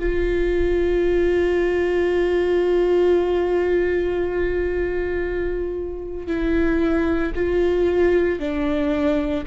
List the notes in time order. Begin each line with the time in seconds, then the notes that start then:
0.00 F4
6.27 E4
7.35 F4
8.40 D4